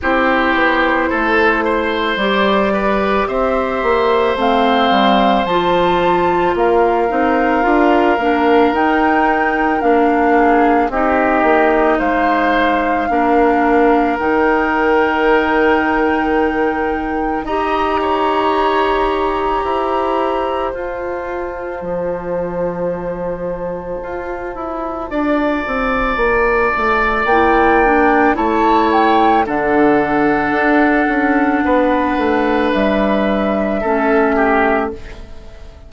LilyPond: <<
  \new Staff \with { instrumentName = "flute" } { \time 4/4 \tempo 4 = 55 c''2 d''4 e''4 | f''4 a''4 f''2 | g''4 f''4 dis''4 f''4~ | f''4 g''2. |
ais''2. a''4~ | a''1~ | a''4 g''4 a''8 g''8 fis''4~ | fis''2 e''2 | }
  \new Staff \with { instrumentName = "oboe" } { \time 4/4 g'4 a'8 c''4 b'8 c''4~ | c''2 ais'2~ | ais'4. gis'8 g'4 c''4 | ais'1 |
dis''8 cis''4. c''2~ | c''2. d''4~ | d''2 cis''4 a'4~ | a'4 b'2 a'8 g'8 | }
  \new Staff \with { instrumentName = "clarinet" } { \time 4/4 e'2 g'2 | c'4 f'4. dis'8 f'8 d'8 | dis'4 d'4 dis'2 | d'4 dis'2. |
g'2. f'4~ | f'1~ | f'4 e'8 d'8 e'4 d'4~ | d'2. cis'4 | }
  \new Staff \with { instrumentName = "bassoon" } { \time 4/4 c'8 b8 a4 g4 c'8 ais8 | a8 g8 f4 ais8 c'8 d'8 ais8 | dis'4 ais4 c'8 ais8 gis4 | ais4 dis2. |
dis'2 e'4 f'4 | f2 f'8 e'8 d'8 c'8 | ais8 a8 ais4 a4 d4 | d'8 cis'8 b8 a8 g4 a4 | }
>>